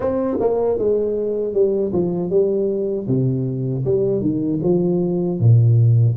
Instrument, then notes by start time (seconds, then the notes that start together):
tuba
0.00 C4
0.40 A#3
0.78 G#3
1.53 G3
1.92 F3
2.29 G3
3.07 C3
3.85 G3
4.21 D#3
4.63 F3
5.39 A#2